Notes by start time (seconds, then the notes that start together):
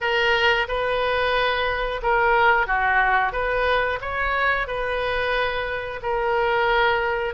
0.00 A#4
0.68 B4
2.02 A#4
2.67 F#4
3.32 B4
4.01 C#5
4.67 B4
6.02 A#4